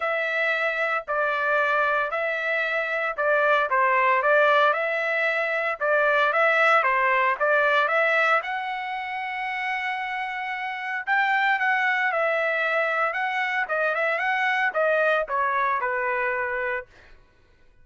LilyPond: \new Staff \with { instrumentName = "trumpet" } { \time 4/4 \tempo 4 = 114 e''2 d''2 | e''2 d''4 c''4 | d''4 e''2 d''4 | e''4 c''4 d''4 e''4 |
fis''1~ | fis''4 g''4 fis''4 e''4~ | e''4 fis''4 dis''8 e''8 fis''4 | dis''4 cis''4 b'2 | }